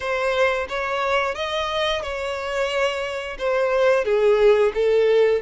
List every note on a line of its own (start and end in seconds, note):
0.00 0.67 C5
0.68 1.35 C#5
1.35 2.02 D#5
2.02 3.37 C#5
3.38 4.04 C5
4.04 4.72 G#4
4.74 5.41 A4